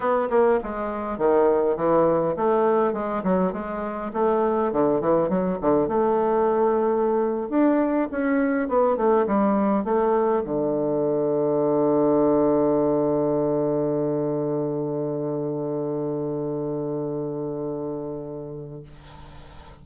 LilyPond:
\new Staff \with { instrumentName = "bassoon" } { \time 4/4 \tempo 4 = 102 b8 ais8 gis4 dis4 e4 | a4 gis8 fis8 gis4 a4 | d8 e8 fis8 d8 a2~ | a8. d'4 cis'4 b8 a8 g16~ |
g8. a4 d2~ d16~ | d1~ | d1~ | d1 | }